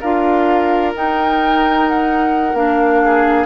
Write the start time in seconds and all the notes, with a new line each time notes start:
0.00 D4 F4 A#4 F5
0.94 D#4 G5
1.88 F#5
2.53 A#3 D4 F5
3.04 G#4